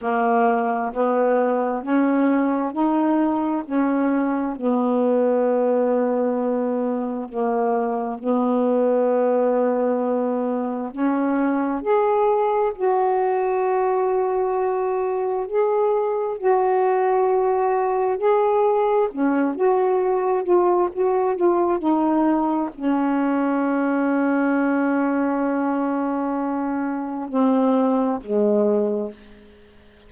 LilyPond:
\new Staff \with { instrumentName = "saxophone" } { \time 4/4 \tempo 4 = 66 ais4 b4 cis'4 dis'4 | cis'4 b2. | ais4 b2. | cis'4 gis'4 fis'2~ |
fis'4 gis'4 fis'2 | gis'4 cis'8 fis'4 f'8 fis'8 f'8 | dis'4 cis'2.~ | cis'2 c'4 gis4 | }